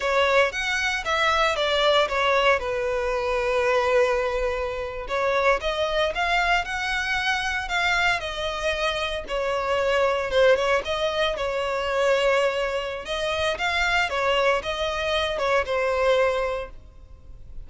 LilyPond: \new Staff \with { instrumentName = "violin" } { \time 4/4 \tempo 4 = 115 cis''4 fis''4 e''4 d''4 | cis''4 b'2.~ | b'4.~ b'16 cis''4 dis''4 f''16~ | f''8. fis''2 f''4 dis''16~ |
dis''4.~ dis''16 cis''2 c''16~ | c''16 cis''8 dis''4 cis''2~ cis''16~ | cis''4 dis''4 f''4 cis''4 | dis''4. cis''8 c''2 | }